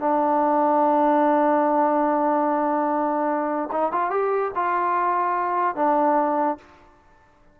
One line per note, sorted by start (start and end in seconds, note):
0.00 3.70 D4
3.72 3.92 D#4
3.92 4.11 F4
4.11 4.52 G4
4.56 5.76 F4
5.76 6.58 D4